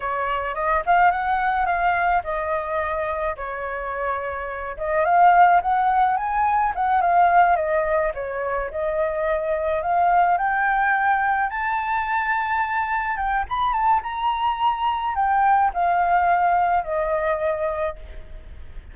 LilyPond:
\new Staff \with { instrumentName = "flute" } { \time 4/4 \tempo 4 = 107 cis''4 dis''8 f''8 fis''4 f''4 | dis''2 cis''2~ | cis''8 dis''8 f''4 fis''4 gis''4 | fis''8 f''4 dis''4 cis''4 dis''8~ |
dis''4. f''4 g''4.~ | g''8 a''2. g''8 | b''8 a''8 ais''2 g''4 | f''2 dis''2 | }